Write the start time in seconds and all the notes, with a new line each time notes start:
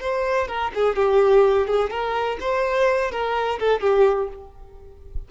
0.00 C5
0.47 A#4
0.74 G#4
0.95 G4
1.66 G#4
1.90 A#4
2.40 C5
3.11 A#4
3.59 A4
3.80 G4